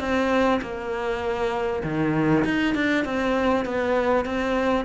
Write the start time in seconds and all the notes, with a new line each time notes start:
0.00 C4
0.61 A#3
1.84 D#3
2.45 D#4
2.75 D4
3.05 C4
3.65 B3
4.25 C4